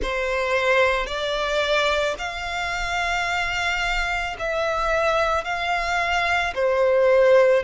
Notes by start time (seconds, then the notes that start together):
0.02 C5
1.06 D5
2.18 F5
4.38 E5
5.44 F5
6.55 C5